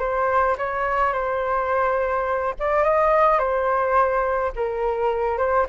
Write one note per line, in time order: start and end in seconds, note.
0.00 0.57 C5
0.58 1.13 C#5
1.13 2.55 C5
2.60 2.84 D5
2.84 3.39 D#5
3.39 4.52 C5
4.56 5.38 A#4
5.38 5.67 C5